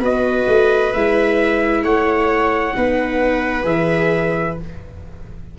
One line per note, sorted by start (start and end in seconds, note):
0.00 0.45 B3
0.00 0.93 F#4
0.00 1.82 B4
0.00 0.93 D#5
0.48 0.93 A3
0.93 1.83 G#3
0.93 2.74 E4
0.93 1.84 E5
1.83 2.74 A3
1.83 2.75 C#5
1.83 3.66 F#5
2.74 3.65 B3
2.74 3.63 D#4
2.74 4.59 B4
3.63 4.55 E3
3.63 4.54 G#4
3.63 4.57 E5